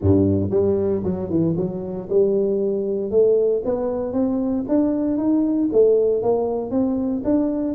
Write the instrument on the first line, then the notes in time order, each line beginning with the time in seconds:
tuba
0.01 G2
0.50 G3
1.04 F#3
1.30 E3
1.57 F#3
2.09 G3
3.10 A3
3.64 B3
4.12 C4
4.68 D4
5.17 D#4
5.72 A3
6.22 A#3
6.70 C4
7.24 D4